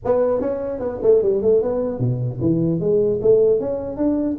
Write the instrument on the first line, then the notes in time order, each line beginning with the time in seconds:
tuba
0.04 B3
0.41 C#4
0.79 B3
1.02 A3
1.22 G3
1.41 A3
1.61 B3
1.99 B2
2.40 E3
2.79 G#3
3.21 A3
3.60 C#4
3.96 D4